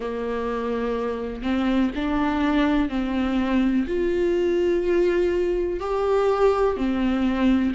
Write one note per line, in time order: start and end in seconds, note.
0.00 1.42 A#3
1.42 1.90 C4
1.95 2.89 D4
2.89 3.86 C4
3.87 5.79 F4
5.79 6.76 G4
6.76 7.73 C4